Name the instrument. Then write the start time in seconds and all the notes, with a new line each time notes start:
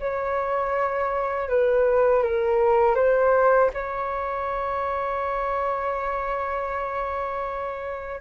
flute
0.00 C#5
1.49 B4
2.23 A#4
2.96 C5
3.74 C#5